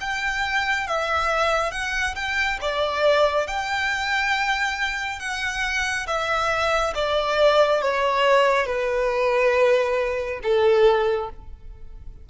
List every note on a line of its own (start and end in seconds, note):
0.00 0.87 G5
0.87 1.71 E5
1.71 2.15 F#5
2.15 2.58 G5
2.61 3.47 D5
3.47 5.19 G5
5.19 6.06 F#5
6.07 6.94 E5
6.95 7.81 D5
7.81 8.66 C#5
8.66 10.40 B4
10.43 11.30 A4